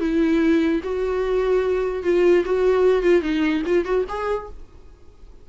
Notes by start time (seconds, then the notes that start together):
0.00 E4
0.83 F#4
2.03 F4
2.45 F#4
3.02 F4
3.22 D#4
3.66 F4
3.85 F#4
4.08 G#4